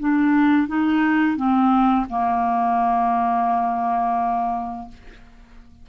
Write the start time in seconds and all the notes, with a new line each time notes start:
0.00 D4
0.68 D#4
1.37 C4
2.10 A#3